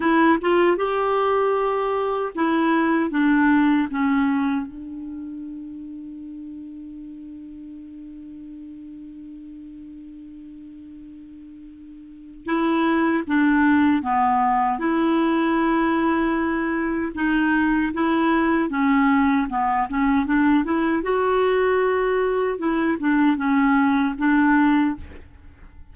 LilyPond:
\new Staff \with { instrumentName = "clarinet" } { \time 4/4 \tempo 4 = 77 e'8 f'8 g'2 e'4 | d'4 cis'4 d'2~ | d'1~ | d'1 |
e'4 d'4 b4 e'4~ | e'2 dis'4 e'4 | cis'4 b8 cis'8 d'8 e'8 fis'4~ | fis'4 e'8 d'8 cis'4 d'4 | }